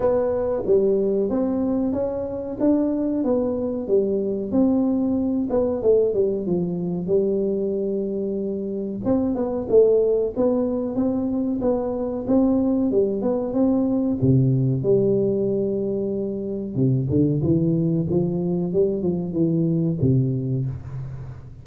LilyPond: \new Staff \with { instrumentName = "tuba" } { \time 4/4 \tempo 4 = 93 b4 g4 c'4 cis'4 | d'4 b4 g4 c'4~ | c'8 b8 a8 g8 f4 g4~ | g2 c'8 b8 a4 |
b4 c'4 b4 c'4 | g8 b8 c'4 c4 g4~ | g2 c8 d8 e4 | f4 g8 f8 e4 c4 | }